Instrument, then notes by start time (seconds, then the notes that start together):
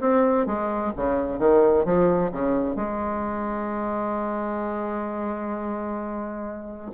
bassoon
0.00 C4
0.46 G#3
0.96 C#3
1.39 D#3
1.85 F3
2.32 C#3
2.76 G#3